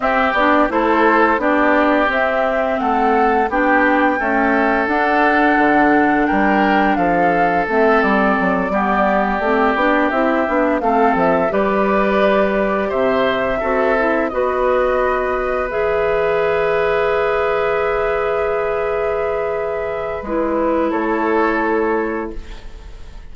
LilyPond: <<
  \new Staff \with { instrumentName = "flute" } { \time 4/4 \tempo 4 = 86 e''8 d''8 c''4 d''4 e''4 | fis''4 g''2 fis''4~ | fis''4 g''4 f''4 e''8 d''8~ | d''2~ d''8 e''4 f''8 |
e''8 d''2 e''4.~ | e''8 dis''2 e''4.~ | e''1~ | e''4 b'4 cis''2 | }
  \new Staff \with { instrumentName = "oboe" } { \time 4/4 g'4 a'4 g'2 | a'4 g'4 a'2~ | a'4 ais'4 a'2~ | a'8 g'2. a'8~ |
a'8 b'2 c''4 a'8~ | a'8 b'2.~ b'8~ | b'1~ | b'2 a'2 | }
  \new Staff \with { instrumentName = "clarinet" } { \time 4/4 c'8 d'8 e'4 d'4 c'4~ | c'4 d'4 a4 d'4~ | d'2. c'4~ | c'8 b4 c'8 d'8 e'8 d'8 c'8~ |
c'8 g'2. fis'8 | e'8 fis'2 gis'4.~ | gis'1~ | gis'4 e'2. | }
  \new Staff \with { instrumentName = "bassoon" } { \time 4/4 c'8 b8 a4 b4 c'4 | a4 b4 cis'4 d'4 | d4 g4 f4 a8 g8 | fis8 g4 a8 b8 c'8 b8 a8 |
f8 g2 c4 c'8~ | c'8 b2 e4.~ | e1~ | e4 gis4 a2 | }
>>